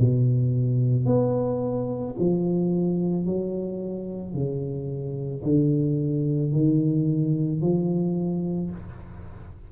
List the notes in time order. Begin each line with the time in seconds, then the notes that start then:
0.00 B2
1.07 B3
2.20 F3
3.26 F#3
4.34 C#3
5.44 D3
6.53 D#3
7.62 F3